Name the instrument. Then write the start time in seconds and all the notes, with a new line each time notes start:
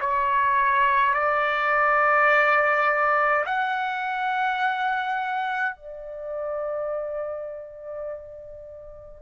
trumpet
0.00 C#5
1.14 D5
3.46 F#5
5.75 D5